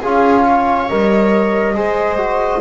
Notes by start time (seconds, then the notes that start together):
0.00 C#4 F4 G#4 F5
0.44 C#5
0.89 G3 A#4 D#5
1.74 G#3 G#4 C5
2.17 F#4